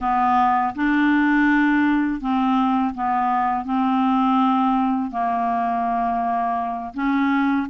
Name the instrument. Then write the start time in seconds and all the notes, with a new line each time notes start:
clarinet
0.00 B3
0.75 D4
2.21 C4
2.94 B3
3.64 C4
5.11 A#3
6.93 C#4